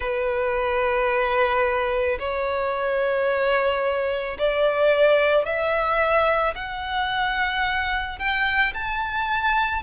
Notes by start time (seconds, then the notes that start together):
0.00 B4
2.19 C#5
4.38 D5
5.45 E5
6.55 F#5
8.18 G5
8.73 A5